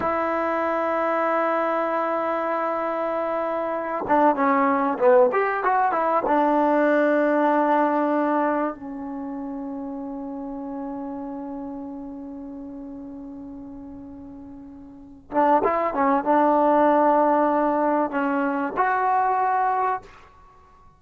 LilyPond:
\new Staff \with { instrumentName = "trombone" } { \time 4/4 \tempo 4 = 96 e'1~ | e'2~ e'8 d'8 cis'4 | b8 g'8 fis'8 e'8 d'2~ | d'2 cis'2~ |
cis'1~ | cis'1~ | cis'8 d'8 e'8 cis'8 d'2~ | d'4 cis'4 fis'2 | }